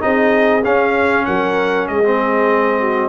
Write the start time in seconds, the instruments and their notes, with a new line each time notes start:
0.00 tuba C4, trombone D#4, horn G#4, trumpet D#5
0.64 trombone C#4, tuba C#4, trumpet F5
1.25 tuba F#3, horn A#4, trumpet F#5
1.88 tuba G#3, horn G#4, trumpet D#5
2.04 trombone C4
2.80 horn F#4